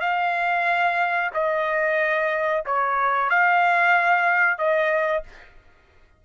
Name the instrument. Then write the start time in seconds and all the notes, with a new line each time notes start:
trumpet
0.00 F5
1.34 D#5
2.65 C#5
3.29 F5
4.58 D#5